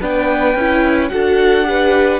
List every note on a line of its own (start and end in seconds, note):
0.00 0.55 B3
0.00 0.57 D4
0.00 1.11 B4
0.00 1.09 G5
0.55 1.10 C#4
0.55 1.10 E4
1.09 2.20 D4
1.09 1.64 F#4
1.09 1.68 A4
1.09 2.20 F#5
1.64 2.19 G4
1.64 2.20 B4